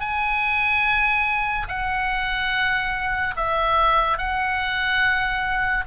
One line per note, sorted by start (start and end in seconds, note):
0.00 1.67 G#5
1.68 3.34 F#5
3.36 4.17 E5
4.17 5.84 F#5